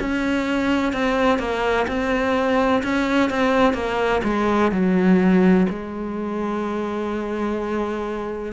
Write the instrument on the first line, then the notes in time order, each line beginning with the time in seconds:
cello
0.00 C#4
0.93 C4
1.39 A#3
1.87 C4
2.83 C#4
3.30 C4
3.74 A#3
4.24 G#3
4.71 F#3
5.70 G#3